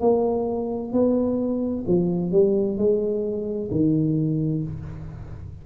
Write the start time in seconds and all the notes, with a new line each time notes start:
0.00 A#3
0.92 B3
1.86 F3
2.31 G3
2.77 G#3
3.70 D#3